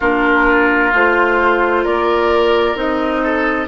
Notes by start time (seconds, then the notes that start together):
0.00 A#3 D4 F4 A#4
0.93 A3 F4 C5
1.83 A#3 A#4 D5
2.75 C4 D#4 D#5
3.23 A4